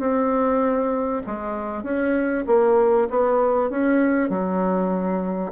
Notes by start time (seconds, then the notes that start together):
0.00 C4
1.27 G#3
1.84 C#4
2.47 A#3
3.10 B3
3.70 C#4
4.30 F#3